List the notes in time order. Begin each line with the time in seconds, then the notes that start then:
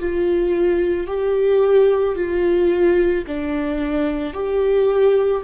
0.00 F4
1.07 G4
2.16 F4
3.27 D4
4.33 G4